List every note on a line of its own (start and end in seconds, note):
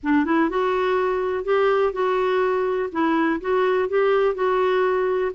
0.03 0.25 D4
0.25 0.49 E4
0.49 1.44 F#4
1.44 1.92 G4
1.92 2.89 F#4
2.91 3.40 E4
3.40 3.88 F#4
3.88 4.34 G4
4.34 5.31 F#4